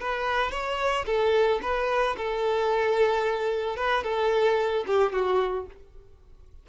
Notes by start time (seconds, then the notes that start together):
0.00 B4
0.51 C#5
1.06 A4
1.62 B4
2.17 A4
3.76 B4
4.04 A4
4.87 G4
5.13 F#4